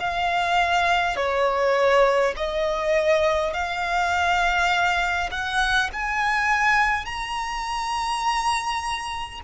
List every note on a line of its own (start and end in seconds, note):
0.00 1.17 F5
1.17 2.34 C#5
2.37 3.53 D#5
3.53 5.30 F5
5.31 5.90 F#5
5.93 7.05 G#5
7.05 9.41 A#5